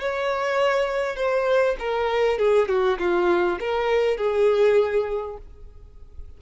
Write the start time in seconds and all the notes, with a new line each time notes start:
0.00 C#5
1.16 C5
1.79 A#4
2.38 G#4
2.68 F#4
2.99 F4
3.60 A#4
4.17 G#4